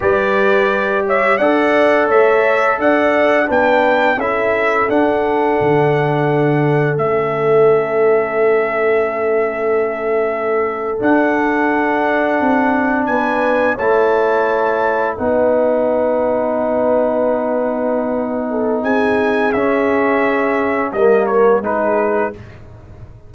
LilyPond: <<
  \new Staff \with { instrumentName = "trumpet" } { \time 4/4 \tempo 4 = 86 d''4. e''8 fis''4 e''4 | fis''4 g''4 e''4 fis''4~ | fis''2 e''2~ | e''2.~ e''8. fis''16~ |
fis''2~ fis''8. gis''4 a''16~ | a''4.~ a''16 fis''2~ fis''16~ | fis''2. gis''4 | e''2 dis''8 cis''8 b'4 | }
  \new Staff \with { instrumentName = "horn" } { \time 4/4 b'4. cis''8 d''4 cis''4 | d''4 b'4 a'2~ | a'1~ | a'1~ |
a'2~ a'8. b'4 cis''16~ | cis''4.~ cis''16 b'2~ b'16~ | b'2~ b'8 a'8 gis'4~ | gis'2 ais'4 gis'4 | }
  \new Staff \with { instrumentName = "trombone" } { \time 4/4 g'2 a'2~ | a'4 d'4 e'4 d'4~ | d'2 cis'2~ | cis'2.~ cis'8. d'16~ |
d'2.~ d'8. e'16~ | e'4.~ e'16 dis'2~ dis'16~ | dis'1 | cis'2 ais4 dis'4 | }
  \new Staff \with { instrumentName = "tuba" } { \time 4/4 g2 d'4 a4 | d'4 b4 cis'4 d'4 | d2 a2~ | a2.~ a8. d'16~ |
d'4.~ d'16 c'4 b4 a16~ | a4.~ a16 b2~ b16~ | b2. c'4 | cis'2 g4 gis4 | }
>>